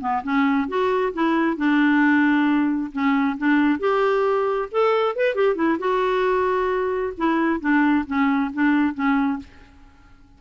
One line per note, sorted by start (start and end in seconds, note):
0.00 0.22 B3
0.23 0.68 C#4
0.68 1.13 F#4
1.13 1.57 E4
1.57 2.91 D4
2.92 3.37 C#4
3.38 3.79 D4
3.79 4.69 G4
4.71 5.16 A4
5.16 5.35 B4
5.35 5.55 G4
5.55 5.78 E4
5.79 7.13 F#4
7.17 7.60 E4
7.60 8.05 D4
8.06 8.51 C#4
8.53 8.94 D4
8.94 9.39 C#4